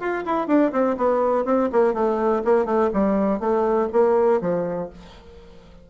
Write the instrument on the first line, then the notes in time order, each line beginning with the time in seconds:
bassoon
0.00 F4
0.25 E4
0.47 D4
0.72 C4
0.97 B3
1.45 C4
1.72 A#3
1.94 A3
2.45 A#3
2.65 A3
2.94 G3
3.40 A3
3.93 A#3
4.41 F3